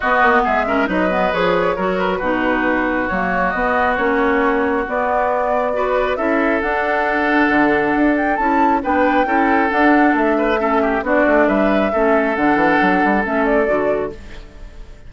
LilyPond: <<
  \new Staff \with { instrumentName = "flute" } { \time 4/4 \tempo 4 = 136 dis''4 e''4 dis''4 cis''4~ | cis''8 b'2~ b'8 cis''4 | dis''4 cis''2 d''4~ | d''2 e''4 fis''4~ |
fis''2~ fis''8 g''8 a''4 | g''2 fis''4 e''4~ | e''4 d''4 e''2 | fis''2 e''8 d''4. | }
  \new Staff \with { instrumentName = "oboe" } { \time 4/4 fis'4 gis'8 ais'8 b'2 | ais'4 fis'2.~ | fis'1~ | fis'4 b'4 a'2~ |
a'1 | b'4 a'2~ a'8 b'8 | a'8 g'8 fis'4 b'4 a'4~ | a'1 | }
  \new Staff \with { instrumentName = "clarinet" } { \time 4/4 b4. cis'8 dis'8 b8 gis'4 | fis'4 dis'2 ais4 | b4 cis'2 b4~ | b4 fis'4 e'4 d'4~ |
d'2. e'4 | d'4 e'4 d'2 | cis'4 d'2 cis'4 | d'2 cis'4 fis'4 | }
  \new Staff \with { instrumentName = "bassoon" } { \time 4/4 b8 ais8 gis4 fis4 f4 | fis4 b,2 fis4 | b4 ais2 b4~ | b2 cis'4 d'4~ |
d'4 d4 d'4 cis'4 | b4 cis'4 d'4 a4~ | a4 b8 a8 g4 a4 | d8 e8 fis8 g8 a4 d4 | }
>>